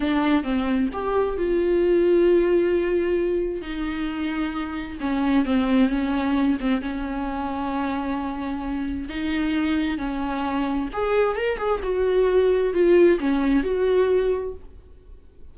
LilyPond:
\new Staff \with { instrumentName = "viola" } { \time 4/4 \tempo 4 = 132 d'4 c'4 g'4 f'4~ | f'1 | dis'2. cis'4 | c'4 cis'4. c'8 cis'4~ |
cis'1 | dis'2 cis'2 | gis'4 ais'8 gis'8 fis'2 | f'4 cis'4 fis'2 | }